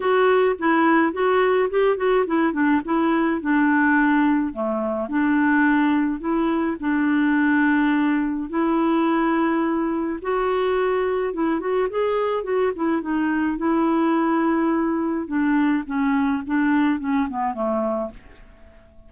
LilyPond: \new Staff \with { instrumentName = "clarinet" } { \time 4/4 \tempo 4 = 106 fis'4 e'4 fis'4 g'8 fis'8 | e'8 d'8 e'4 d'2 | a4 d'2 e'4 | d'2. e'4~ |
e'2 fis'2 | e'8 fis'8 gis'4 fis'8 e'8 dis'4 | e'2. d'4 | cis'4 d'4 cis'8 b8 a4 | }